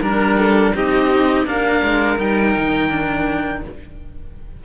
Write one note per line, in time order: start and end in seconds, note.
0.00 0.72 G3
0.00 0.74 D4
0.00 0.37 A#4
0.00 0.76 A#4
0.38 0.74 A4
0.75 1.46 C4
0.75 1.45 D#4
0.75 1.46 G4
0.75 1.47 D#5
1.45 1.82 A#3
1.45 2.17 D4
1.45 3.63 A#4
1.45 2.18 F5
1.83 2.19 G#3
2.18 2.55 G3
2.18 2.89 D#4
2.18 3.63 G5
2.56 3.64 D#3
2.89 3.61 D4